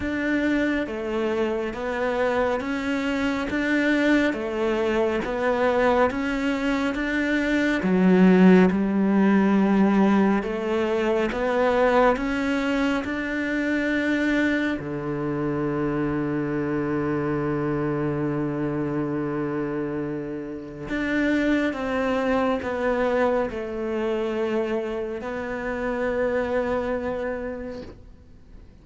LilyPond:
\new Staff \with { instrumentName = "cello" } { \time 4/4 \tempo 4 = 69 d'4 a4 b4 cis'4 | d'4 a4 b4 cis'4 | d'4 fis4 g2 | a4 b4 cis'4 d'4~ |
d'4 d2.~ | d1 | d'4 c'4 b4 a4~ | a4 b2. | }